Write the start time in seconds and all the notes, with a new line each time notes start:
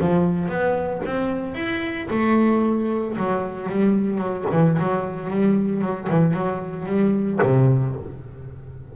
0.00 F3
0.49 B3
1.05 C4
1.55 E4
2.10 A3
3.17 F#3
3.69 G3
4.18 F#3
4.52 E3
4.79 F#3
5.30 G3
5.81 F#3
6.09 E3
6.34 F#3
6.86 G3
7.42 C3